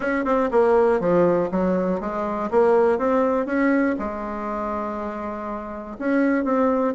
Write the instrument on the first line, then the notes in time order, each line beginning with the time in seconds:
bassoon
0.00 C#4
0.24 C4
0.51 A#3
1.00 F3
1.51 F#3
2.00 G#3
2.50 A#3
2.98 C4
3.46 C#4
3.98 G#3
5.98 C#4
6.44 C4